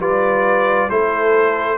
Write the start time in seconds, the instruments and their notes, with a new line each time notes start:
0.00 tuba G3, trombone F4, horn B4, trumpet D5
0.90 tuba A3, trombone E4, horn A4, trumpet C5